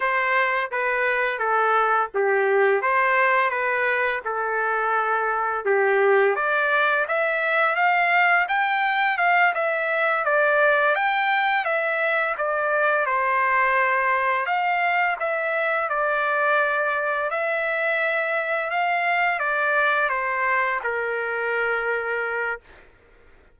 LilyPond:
\new Staff \with { instrumentName = "trumpet" } { \time 4/4 \tempo 4 = 85 c''4 b'4 a'4 g'4 | c''4 b'4 a'2 | g'4 d''4 e''4 f''4 | g''4 f''8 e''4 d''4 g''8~ |
g''8 e''4 d''4 c''4.~ | c''8 f''4 e''4 d''4.~ | d''8 e''2 f''4 d''8~ | d''8 c''4 ais'2~ ais'8 | }